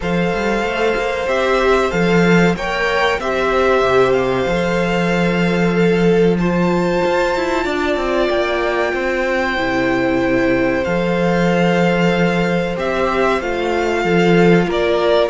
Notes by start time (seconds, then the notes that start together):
0.00 F3 A4 C5 F5
0.35 G3
0.62 A3
0.96 A#3
1.27 C4 G4 E5
1.91 F3 A4 F5
2.55 A#3 A#4 C#5 G5
3.18 C4 G4 C5 E5
3.81 C3
4.12 F5
4.45 F3 A4
5.73 A4
6.38 F4 C5 A5
7.05 F4
7.35 E4
7.64 D4 D5
7.96 C4
8.29 A#3 G5
8.93 C4 C5
9.56 C3 E4
10.84 F3 A4 F5
12.76 C4 G4 E5
13.41 A3 F4 F5
14.03 F3 A4
14.66 A#3 A#4 D5